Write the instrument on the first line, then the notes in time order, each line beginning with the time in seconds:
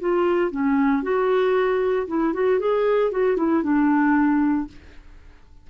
clarinet
0.00 F4
0.51 C#4
1.03 F#4
2.08 E4
2.34 F#4
2.60 G#4
3.12 F#4
3.37 E4
3.63 D4